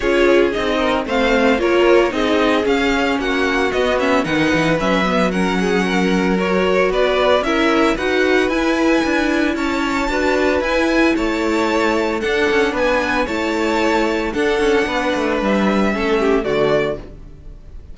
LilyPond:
<<
  \new Staff \with { instrumentName = "violin" } { \time 4/4 \tempo 4 = 113 cis''4 dis''4 f''4 cis''4 | dis''4 f''4 fis''4 dis''8 e''8 | fis''4 e''4 fis''2 | cis''4 d''4 e''4 fis''4 |
gis''2 a''2 | gis''4 a''2 fis''4 | gis''4 a''2 fis''4~ | fis''4 e''2 d''4 | }
  \new Staff \with { instrumentName = "violin" } { \time 4/4 gis'4. ais'8 c''4 ais'4 | gis'2 fis'2 | b'2 ais'8 gis'8 ais'4~ | ais'4 b'4 ais'4 b'4~ |
b'2 cis''4 b'4~ | b'4 cis''2 a'4 | b'4 cis''2 a'4 | b'2 a'8 g'8 fis'4 | }
  \new Staff \with { instrumentName = "viola" } { \time 4/4 f'4 dis'4 c'4 f'4 | dis'4 cis'2 b8 cis'8 | dis'4 cis'8 b8 cis'2 | fis'2 e'4 fis'4 |
e'2. fis'4 | e'2. d'4~ | d'4 e'2 d'4~ | d'2 cis'4 a4 | }
  \new Staff \with { instrumentName = "cello" } { \time 4/4 cis'4 c'4 a4 ais4 | c'4 cis'4 ais4 b4 | dis8 e8 fis2.~ | fis4 b4 cis'4 dis'4 |
e'4 d'4 cis'4 d'4 | e'4 a2 d'8 cis'8 | b4 a2 d'8 cis'8 | b8 a8 g4 a4 d4 | }
>>